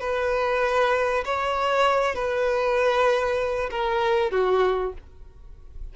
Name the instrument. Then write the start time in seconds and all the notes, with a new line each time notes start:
violin
0.00 B4
1.25 C#5
2.15 B4
3.70 A#4
4.31 F#4